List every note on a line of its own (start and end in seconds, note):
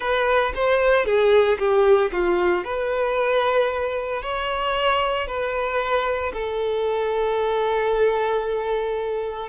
0.00 0.52 B4
0.55 1.05 C5
1.05 1.58 G#4
1.58 2.11 G4
2.12 2.64 F4
2.64 4.22 B4
4.22 5.27 C#5
5.27 6.32 B4
6.33 9.48 A4